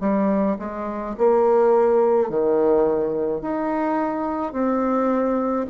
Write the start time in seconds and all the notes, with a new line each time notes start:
0.00 G3
0.59 G#3
1.18 A#3
2.29 D#3
3.41 D#4
4.52 C4